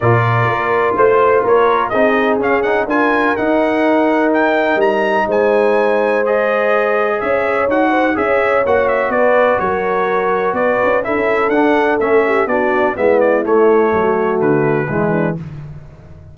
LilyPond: <<
  \new Staff \with { instrumentName = "trumpet" } { \time 4/4 \tempo 4 = 125 d''2 c''4 cis''4 | dis''4 f''8 fis''8 gis''4 fis''4~ | fis''4 g''4 ais''4 gis''4~ | gis''4 dis''2 e''4 |
fis''4 e''4 fis''8 e''8 d''4 | cis''2 d''4 e''4 | fis''4 e''4 d''4 e''8 d''8 | cis''2 b'2 | }
  \new Staff \with { instrumentName = "horn" } { \time 4/4 ais'2 c''4 ais'4 | gis'2 ais'2~ | ais'2. c''4~ | c''2. cis''4~ |
cis''8 c''8 cis''2 b'4 | ais'2 b'4 a'4~ | a'4. g'8 fis'4 e'4~ | e'4 fis'2 e'8 d'8 | }
  \new Staff \with { instrumentName = "trombone" } { \time 4/4 f'1 | dis'4 cis'8 dis'8 f'4 dis'4~ | dis'1~ | dis'4 gis'2. |
fis'4 gis'4 fis'2~ | fis'2. e'4 | d'4 cis'4 d'4 b4 | a2. gis4 | }
  \new Staff \with { instrumentName = "tuba" } { \time 4/4 ais,4 ais4 a4 ais4 | c'4 cis'4 d'4 dis'4~ | dis'2 g4 gis4~ | gis2. cis'4 |
dis'4 cis'4 ais4 b4 | fis2 b8 cis'8 d'16 cis'8. | d'4 a4 b4 gis4 | a4 fis4 d4 e4 | }
>>